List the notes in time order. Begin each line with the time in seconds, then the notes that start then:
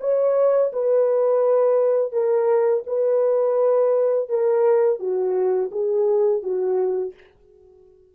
0.00 C#5
0.72 B4
2.12 A#4
2.86 B4
4.29 A#4
4.99 F#4
5.71 G#4
6.42 F#4